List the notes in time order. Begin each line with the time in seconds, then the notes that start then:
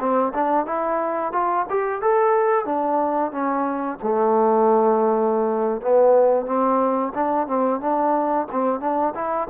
0.00 C4
0.35 D4
0.66 E4
1.33 F4
1.70 G4
2.02 A4
2.66 D4
3.32 C#4
4.03 A3
5.82 B3
6.46 C4
7.15 D4
7.48 C4
7.81 D4
8.52 C4
8.81 D4
9.15 E4